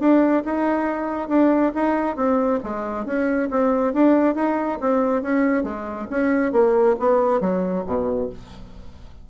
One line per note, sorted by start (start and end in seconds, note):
0.00 0.43 D4
0.45 1.29 D#4
1.29 1.73 D4
1.75 2.16 D#4
2.16 2.60 C4
2.64 3.06 G#3
3.06 3.49 C#4
3.51 3.94 C4
3.94 4.35 D4
4.35 4.79 D#4
4.81 5.23 C4
5.23 5.64 C#4
5.64 6.08 G#3
6.11 6.53 C#4
6.53 6.96 A#3
7.00 7.41 B3
7.41 7.85 F#3
7.86 8.30 B2